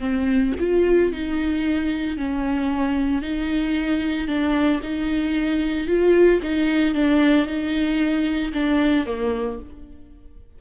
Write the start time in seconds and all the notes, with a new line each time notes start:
0.00 C4
0.60 F4
1.12 D#4
2.17 C#4
3.22 D#4
4.27 D4
4.83 D#4
5.87 F4
6.43 D#4
6.95 D4
7.46 D#4
8.53 D4
9.06 A#3